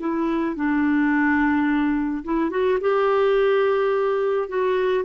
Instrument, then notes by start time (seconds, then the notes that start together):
clarinet
0.00 E4
0.56 D4
2.24 E4
2.51 F#4
2.81 G4
4.49 F#4